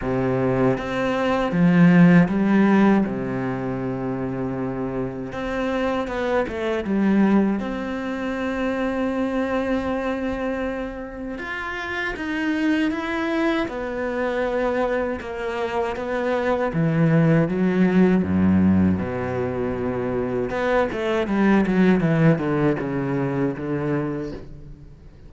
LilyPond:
\new Staff \with { instrumentName = "cello" } { \time 4/4 \tempo 4 = 79 c4 c'4 f4 g4 | c2. c'4 | b8 a8 g4 c'2~ | c'2. f'4 |
dis'4 e'4 b2 | ais4 b4 e4 fis4 | fis,4 b,2 b8 a8 | g8 fis8 e8 d8 cis4 d4 | }